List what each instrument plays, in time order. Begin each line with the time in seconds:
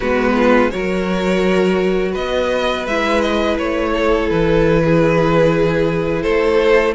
0.00 cello G#3, viola B3, violin F#4 B4
0.35 violin F4
0.70 cello F#3, viola F#4, violin A#4 C#5
2.11 cello B3, violin B4 D#5
2.86 cello G#3, viola E4, violin E5
3.21 violin D#5
3.58 cello A3, violin C#5
3.93 violin A4
4.29 cello E3, violin B4
4.83 violin G#4
6.22 cello A3, violin A4 C5